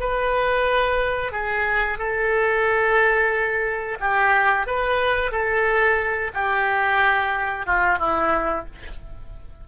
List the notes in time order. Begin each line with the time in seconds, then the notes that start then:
0.00 B4
1.32 G#4
1.98 A4
4.00 G4
4.67 B4
5.32 A4
6.34 G4
7.66 F4
7.99 E4